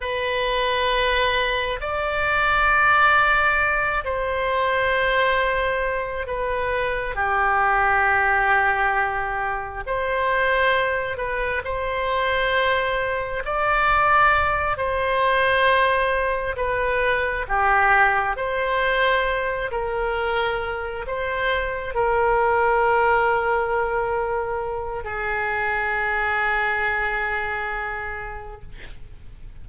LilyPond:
\new Staff \with { instrumentName = "oboe" } { \time 4/4 \tempo 4 = 67 b'2 d''2~ | d''8 c''2~ c''8 b'4 | g'2. c''4~ | c''8 b'8 c''2 d''4~ |
d''8 c''2 b'4 g'8~ | g'8 c''4. ais'4. c''8~ | c''8 ais'2.~ ais'8 | gis'1 | }